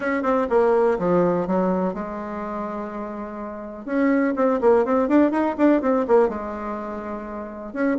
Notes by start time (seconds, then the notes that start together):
0.00 C#4
0.22 C4
0.49 A#3
0.99 F3
1.47 F#3
1.94 G#3
3.85 C#4
4.35 C4
4.61 A#3
4.85 C4
5.08 D4
5.31 D#4
5.57 D4
5.81 C4
6.07 A#3
6.28 G#3
7.73 C#4